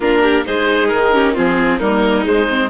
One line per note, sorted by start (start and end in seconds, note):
0.00 0.44 A#3
0.00 0.45 D4
0.00 0.22 F4
0.00 0.45 A#4
0.22 0.44 G4
0.45 0.91 G#3
0.45 1.12 D#4
0.45 1.13 G#4
0.45 0.88 C5
0.88 1.37 D#3
0.88 1.33 A#4
1.12 1.34 C#4
1.12 1.33 G4
1.33 1.80 F3
1.33 1.80 C4
1.33 1.78 F4
1.33 1.79 G#4
1.78 2.25 G3
1.78 2.24 A#3
1.78 2.68 D#4
1.78 2.24 A#4
2.24 2.46 G#3
2.24 2.70 G#3
2.24 2.70 C5
2.49 2.70 C4